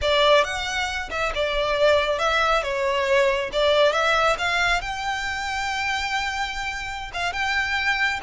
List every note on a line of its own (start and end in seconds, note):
0.01 0.44 D5
0.44 1.09 F#5
1.10 1.32 E5
1.34 2.18 D5
2.18 2.62 E5
2.62 3.50 C#5
3.52 3.92 D5
3.92 4.36 E5
4.38 4.81 F5
4.81 7.11 G5
7.13 7.32 F5
7.32 8.20 G5